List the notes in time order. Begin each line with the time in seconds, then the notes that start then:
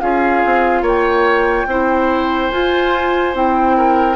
0.00 C#4 F4 G#4 F5
0.45 C4
0.81 A#3 C#5 G5
1.66 C4 E4 C5
2.51 F4 G#5
3.34 C4 E4 G5
3.77 A#4